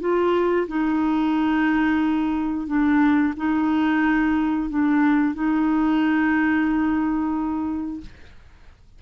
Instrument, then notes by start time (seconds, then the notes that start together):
clarinet
0.00 F4
0.68 D#4
2.67 D4
3.36 D#4
4.69 D4
5.34 D#4